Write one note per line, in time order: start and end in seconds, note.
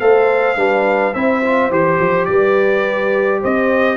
0.00 0.57 A3
0.00 0.56 A4
0.00 0.57 C5
0.00 1.14 F5
0.56 1.14 G3
0.56 1.13 D4
0.56 1.14 B4
1.14 1.70 C4
1.14 1.43 E4
1.14 2.28 C5
1.14 1.71 E5
1.44 1.71 F4
1.70 1.99 E3
1.70 3.97 G4
1.70 2.25 C5
2.00 2.28 F3
2.25 3.43 G3
2.25 3.40 B4
2.25 3.40 D5
3.40 3.97 C4
3.40 3.97 C5
3.40 3.97 D#5